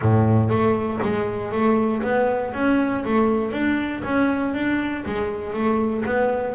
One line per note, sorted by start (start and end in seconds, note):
0.01 0.49 A2
0.49 0.99 A3
1.02 1.51 G#3
1.51 2.02 A3
2.02 2.53 B3
2.53 3.04 C#4
3.04 3.52 A3
3.52 4.02 D4
4.04 4.54 C#4
4.54 5.04 D4
5.05 5.53 G#3
5.53 6.03 A3
6.05 6.54 B3